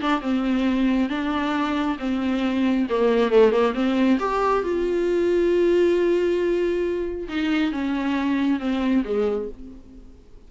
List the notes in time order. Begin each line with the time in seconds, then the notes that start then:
0.00 D4
0.21 C4
1.08 D4
1.98 C4
2.89 A#3
3.31 A3
3.51 A#3
3.74 C4
4.19 G4
4.63 F4
7.28 D#4
7.72 C#4
8.59 C4
9.04 G#3